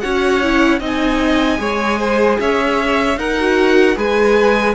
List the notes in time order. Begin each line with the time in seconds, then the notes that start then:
0.00 C#4 F#4 C#5 F#5
0.42 E4
0.80 C4 D#4 D#5 G#5
1.58 G#3 G#4 C#5
1.99 C5
2.39 C#4 C#5 E5
3.17 D#4 A#4 F#5
3.39 F#4
3.95 G#3 G#4 B4 G#5